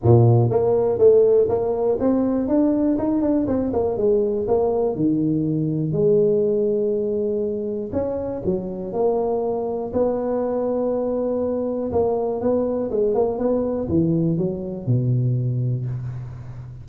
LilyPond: \new Staff \with { instrumentName = "tuba" } { \time 4/4 \tempo 4 = 121 ais,4 ais4 a4 ais4 | c'4 d'4 dis'8 d'8 c'8 ais8 | gis4 ais4 dis2 | gis1 |
cis'4 fis4 ais2 | b1 | ais4 b4 gis8 ais8 b4 | e4 fis4 b,2 | }